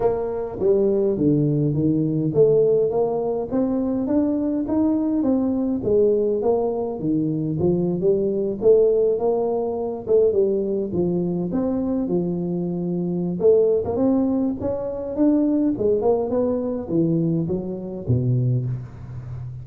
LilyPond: \new Staff \with { instrumentName = "tuba" } { \time 4/4 \tempo 4 = 103 ais4 g4 d4 dis4 | a4 ais4 c'4 d'4 | dis'4 c'4 gis4 ais4 | dis4 f8. g4 a4 ais16~ |
ais4~ ais16 a8 g4 f4 c'16~ | c'8. f2~ f16 a8. ais16 | c'4 cis'4 d'4 gis8 ais8 | b4 e4 fis4 b,4 | }